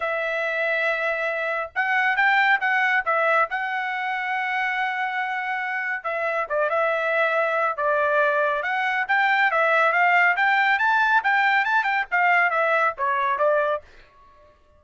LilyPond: \new Staff \with { instrumentName = "trumpet" } { \time 4/4 \tempo 4 = 139 e''1 | fis''4 g''4 fis''4 e''4 | fis''1~ | fis''2 e''4 d''8 e''8~ |
e''2 d''2 | fis''4 g''4 e''4 f''4 | g''4 a''4 g''4 a''8 g''8 | f''4 e''4 cis''4 d''4 | }